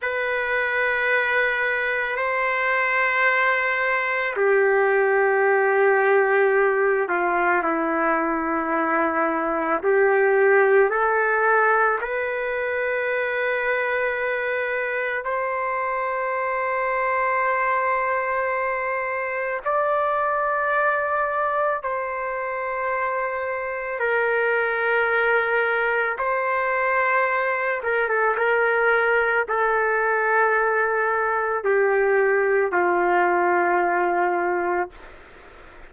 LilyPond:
\new Staff \with { instrumentName = "trumpet" } { \time 4/4 \tempo 4 = 55 b'2 c''2 | g'2~ g'8 f'8 e'4~ | e'4 g'4 a'4 b'4~ | b'2 c''2~ |
c''2 d''2 | c''2 ais'2 | c''4. ais'16 a'16 ais'4 a'4~ | a'4 g'4 f'2 | }